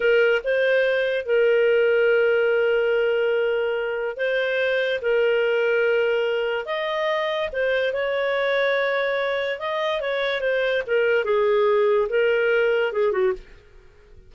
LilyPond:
\new Staff \with { instrumentName = "clarinet" } { \time 4/4 \tempo 4 = 144 ais'4 c''2 ais'4~ | ais'1~ | ais'2 c''2 | ais'1 |
dis''2 c''4 cis''4~ | cis''2. dis''4 | cis''4 c''4 ais'4 gis'4~ | gis'4 ais'2 gis'8 fis'8 | }